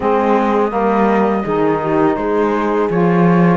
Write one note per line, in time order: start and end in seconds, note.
0.00 0.71 G#3
0.00 0.70 C4
0.00 0.70 G#4
0.00 2.16 D#5
0.70 1.43 G3
0.70 1.42 A#3
0.70 1.44 A#4
1.44 2.16 D#3
1.44 2.90 D#4
1.44 1.80 G#4
1.82 2.17 G4
2.16 2.89 G#3
2.16 3.57 G#4
2.16 2.88 C5
2.90 3.57 F3
2.90 3.57 F4
2.90 3.57 C#5